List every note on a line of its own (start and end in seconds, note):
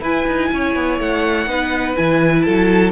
0.00 0.24 E4
0.00 1.48 E4
0.00 0.49 B4
0.00 1.00 G#5
0.27 0.51 D#4
0.52 0.75 C#4
0.52 1.49 C#5
0.75 0.99 B3
0.99 1.46 A3
0.99 1.96 F#5
1.46 1.95 B3
1.46 1.96 D#4
1.46 2.45 B4
1.96 2.47 E3
1.96 2.92 E4
1.96 2.42 G#5
2.42 2.92 F#3
2.42 2.92 A4
2.42 2.90 A5